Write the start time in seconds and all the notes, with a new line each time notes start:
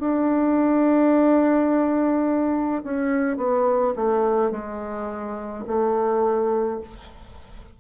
0.00 D4
2.84 C#4
3.37 B3
3.96 A3
4.51 G#3
5.67 A3